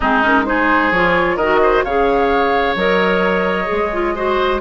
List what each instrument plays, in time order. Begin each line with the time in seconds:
0.00 bassoon G#3, clarinet C4, oboe D#4, flute G#4
0.22 clarinet C#4, flute A#4
0.45 clarinet D#4, oboe G#4, flute C5
0.91 bassoon F3, clarinet F4, flute C#5
1.36 bassoon D#3, clarinet F#4, oboe A#4, flute D#5
1.62 oboe C5
1.83 bassoon C#3, clarinet G#4, oboe C#5, flute F5
2.75 bassoon F#3, clarinet A#4, flute D#5
3.65 bassoon G#3, clarinet G#4
3.92 clarinet F4
4.15 clarinet F#4, oboe C5